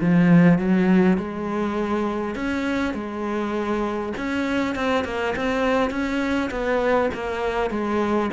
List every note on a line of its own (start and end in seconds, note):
0.00 0.58 F3
0.58 1.17 F#3
1.17 2.35 G#3
2.35 2.94 C#4
2.94 4.12 G#3
4.17 4.75 C#4
4.75 5.04 C4
5.04 5.34 A#3
5.35 5.90 C4
5.90 6.49 C#4
6.50 7.10 B3
7.14 7.70 A#3
7.70 8.30 G#3